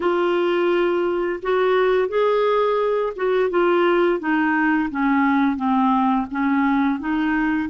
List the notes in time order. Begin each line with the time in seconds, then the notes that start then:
0.00 F4
1.42 F#4
2.08 G#4
3.16 F#4
3.50 F4
4.19 D#4
4.90 C#4
5.56 C4
6.30 C#4
6.99 D#4